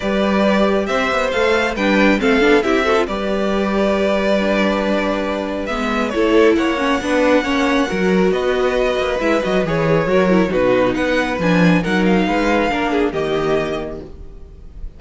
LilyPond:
<<
  \new Staff \with { instrumentName = "violin" } { \time 4/4 \tempo 4 = 137 d''2 e''4 f''4 | g''4 f''4 e''4 d''4~ | d''1~ | d''4 e''4 cis''4 fis''4~ |
fis''2. dis''4~ | dis''4 e''8 dis''8 cis''2 | b'4 fis''4 gis''4 fis''8 f''8~ | f''2 dis''2 | }
  \new Staff \with { instrumentName = "violin" } { \time 4/4 b'2 c''2 | b'4 a'4 g'8 a'8 b'4~ | b'1~ | b'2 a'4 cis''4 |
b'4 cis''4 ais'4 b'4~ | b'2. ais'4 | fis'4 b'2 ais'4 | b'4 ais'8 gis'8 g'2 | }
  \new Staff \with { instrumentName = "viola" } { \time 4/4 g'2. a'4 | d'4 c'8 d'8 e'8 fis'16 f'16 g'4~ | g'2 d'2~ | d'4 b4 e'4. cis'8 |
d'4 cis'4 fis'2~ | fis'4 e'8 fis'8 gis'4 fis'8 e'8 | dis'2 d'4 dis'4~ | dis'4 d'4 ais2 | }
  \new Staff \with { instrumentName = "cello" } { \time 4/4 g2 c'8 b8 a4 | g4 a8 b8 c'4 g4~ | g1~ | g4 gis4 a4 ais4 |
b4 ais4 fis4 b4~ | b8 ais8 gis8 fis8 e4 fis4 | b,4 b4 f4 fis4 | gis4 ais4 dis2 | }
>>